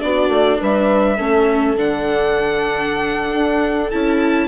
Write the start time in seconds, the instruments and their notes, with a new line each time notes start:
0.00 bassoon B3, viola D4, horn F#4, violin D5
0.28 bassoon A3
0.59 bassoon G3, horn B4, violin E5
1.17 bassoon A3, viola C#4, horn A4
1.76 bassoon D3, viola D4, violin F#5
3.33 bassoon D4
3.90 bassoon C#4, viola E4, violin A5